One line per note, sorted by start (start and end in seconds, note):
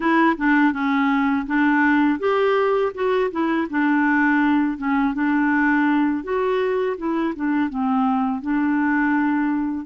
0.00 0.36 E4
0.37 0.73 D4
0.73 1.46 C#4
1.46 2.19 D4
2.19 2.92 G4
2.94 3.31 F#4
3.31 3.67 E4
3.70 4.77 D4
4.77 5.14 C#4
5.14 6.23 D4
6.23 6.96 F#4
6.97 7.34 E4
7.35 7.69 D4
7.69 8.41 C4
8.41 9.85 D4